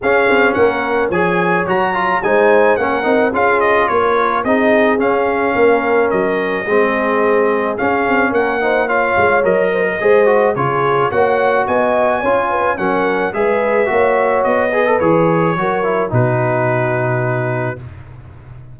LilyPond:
<<
  \new Staff \with { instrumentName = "trumpet" } { \time 4/4 \tempo 4 = 108 f''4 fis''4 gis''4 ais''4 | gis''4 fis''4 f''8 dis''8 cis''4 | dis''4 f''2 dis''4~ | dis''2 f''4 fis''4 |
f''4 dis''2 cis''4 | fis''4 gis''2 fis''4 | e''2 dis''4 cis''4~ | cis''4 b'2. | }
  \new Staff \with { instrumentName = "horn" } { \time 4/4 gis'4 ais'4 cis''2 | c''4 ais'4 gis'4 ais'4 | gis'2 ais'2 | gis'2. ais'8 c''8 |
cis''4. c''16 ais'16 c''4 gis'4 | cis''4 dis''4 cis''8 b'8 ais'4 | b'4 cis''4. b'4. | ais'4 fis'2. | }
  \new Staff \with { instrumentName = "trombone" } { \time 4/4 cis'2 gis'4 fis'8 f'8 | dis'4 cis'8 dis'8 f'2 | dis'4 cis'2. | c'2 cis'4. dis'8 |
f'4 ais'4 gis'8 fis'8 f'4 | fis'2 f'4 cis'4 | gis'4 fis'4. gis'16 a'16 gis'4 | fis'8 e'8 dis'2. | }
  \new Staff \with { instrumentName = "tuba" } { \time 4/4 cis'8 c'8 ais4 f4 fis4 | gis4 ais8 c'8 cis'4 ais4 | c'4 cis'4 ais4 fis4 | gis2 cis'8 c'8 ais4~ |
ais8 gis8 fis4 gis4 cis4 | ais4 b4 cis'4 fis4 | gis4 ais4 b4 e4 | fis4 b,2. | }
>>